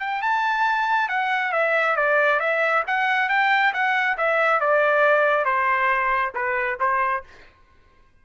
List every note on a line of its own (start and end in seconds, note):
0.00 0.22 G5
0.22 1.09 A5
1.09 1.52 F#5
1.52 1.96 E5
1.96 2.40 D5
2.40 2.84 E5
2.87 3.29 F#5
3.29 3.73 G5
3.73 4.17 F#5
4.18 4.60 E5
4.60 5.45 D5
5.45 6.33 C5
6.35 6.79 B4
6.80 7.24 C5